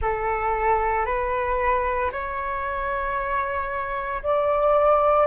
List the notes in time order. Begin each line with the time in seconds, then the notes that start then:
0.01 A4
1.05 B4
2.11 C#5
4.22 D5